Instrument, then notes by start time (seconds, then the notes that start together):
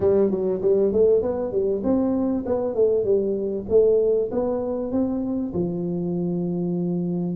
tuba
0.00 G3
0.30 F#3
0.61 G3
0.92 A3
1.22 B3
1.51 G3
1.83 C4
2.46 B3
2.74 A3
3.04 G3
3.69 A3
4.31 B3
4.91 C4
5.53 F3